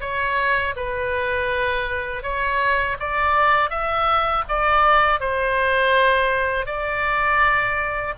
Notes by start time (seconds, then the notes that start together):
0.00 C#5
0.76 B4
2.23 C#5
2.99 D5
3.69 E5
4.48 D5
5.20 C5
6.66 D5